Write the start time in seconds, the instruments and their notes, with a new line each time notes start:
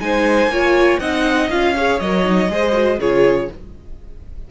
0.00 cello G#3, viola D#4, violin C5 G#5
0.47 cello A#3, viola F4, violin C#5
0.99 cello C4, viola D#4, violin D#5 F#5
1.50 cello C#4, viola F4, violin F5
1.76 viola G#4, violin C#5
2.00 cello F#3, viola A#4, violin D#5
2.24 viola D#4
2.49 cello G#3, viola G#4, violin C5
2.72 viola F#4
2.99 cello C#3, viola F4, violin G#4 C#5